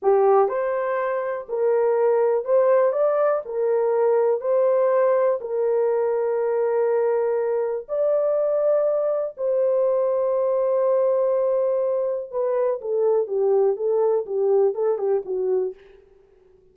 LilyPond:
\new Staff \with { instrumentName = "horn" } { \time 4/4 \tempo 4 = 122 g'4 c''2 ais'4~ | ais'4 c''4 d''4 ais'4~ | ais'4 c''2 ais'4~ | ais'1 |
d''2. c''4~ | c''1~ | c''4 b'4 a'4 g'4 | a'4 g'4 a'8 g'8 fis'4 | }